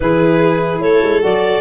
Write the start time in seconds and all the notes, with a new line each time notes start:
0.00 E3 E4 G#4 B4
0.80 A3 A4 C#5
1.03 G#3
1.20 F#3 F#4 D5